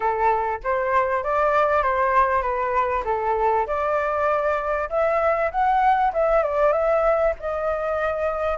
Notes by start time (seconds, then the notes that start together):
0.00 A4
0.63 C5
1.23 D5
1.82 C5
2.42 B4
3.04 A4
3.67 D5
4.89 E5
5.51 F#5
6.13 E5
6.43 D5
6.72 E5
7.39 D#5